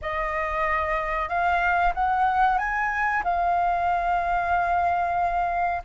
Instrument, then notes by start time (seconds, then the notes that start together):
flute
0.01 D#5
1.28 F5
1.94 F#5
2.58 G#5
3.24 F5